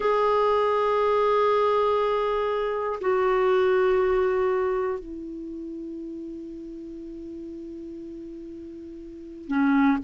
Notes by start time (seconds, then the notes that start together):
0.00 G#4
3.00 F#4
4.99 E4
9.47 C#4